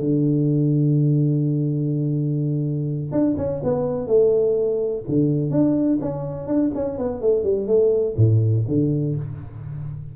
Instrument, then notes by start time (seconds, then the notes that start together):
tuba
0.00 D3
3.12 D4
3.38 C#4
3.63 B3
4.07 A3
5.08 D3
5.51 D4
6.01 C#4
6.47 D4
6.75 C#4
6.98 B3
7.22 A3
7.44 G3
7.67 A3
8.17 A2
8.68 D3